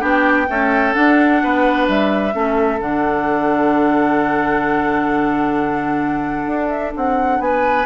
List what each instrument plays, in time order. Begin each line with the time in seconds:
0.00 bassoon B3, clarinet D4, oboe G4, flute G5
0.47 clarinet A3, bassoon C#4, oboe A4
0.93 clarinet D4, bassoon D4, flute F#5
1.42 bassoon B3, oboe B4
1.87 bassoon G3, flute E5
2.32 bassoon A3, clarinet C#4, oboe A4
2.79 bassoon D3, clarinet D4, flute F#5
6.47 bassoon D4
6.68 flute E5
6.96 bassoon C4, flute F#5
7.39 bassoon B3, oboe B4, flute G#5